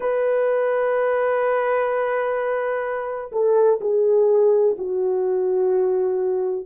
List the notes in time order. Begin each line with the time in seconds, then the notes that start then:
0.00 B4
3.32 A4
3.81 G#4
4.78 F#4